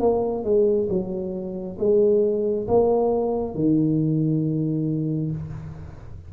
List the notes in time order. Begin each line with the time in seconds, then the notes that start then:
0.00 A#3
0.44 G#3
0.89 F#3
1.79 G#3
2.67 A#3
3.55 D#3